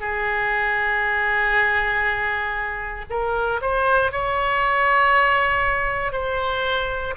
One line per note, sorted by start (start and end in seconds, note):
0.00 3.05 G#4
3.09 3.60 A#4
3.61 4.11 C5
4.11 6.12 C#5
6.12 7.14 C5